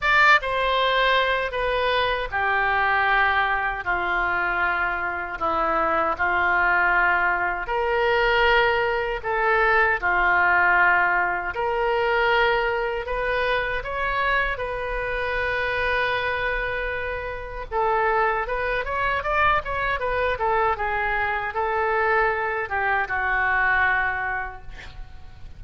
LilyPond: \new Staff \with { instrumentName = "oboe" } { \time 4/4 \tempo 4 = 78 d''8 c''4. b'4 g'4~ | g'4 f'2 e'4 | f'2 ais'2 | a'4 f'2 ais'4~ |
ais'4 b'4 cis''4 b'4~ | b'2. a'4 | b'8 cis''8 d''8 cis''8 b'8 a'8 gis'4 | a'4. g'8 fis'2 | }